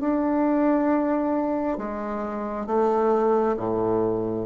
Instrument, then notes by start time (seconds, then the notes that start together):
bassoon
0.00 D4
1.77 G#3
2.66 A3
3.57 A2